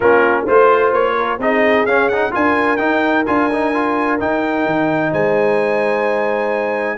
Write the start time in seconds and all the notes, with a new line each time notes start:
0.00 A#3 C#4 F4 A#4
0.45 A3 F4 C5
0.92 A#3 C#5
1.16 A#4
1.38 C4 D#4 G#4 D#5
1.85 C#4 F5
2.08 D#4 F#5
2.31 D4 F4 A#4 G#5
2.77 D#4 G5
3.26 D4 F4 G#5
3.52 D#4
3.73 F4
4.19 D#4 G5
4.65 D#3
5.10 G#3 C5 G#5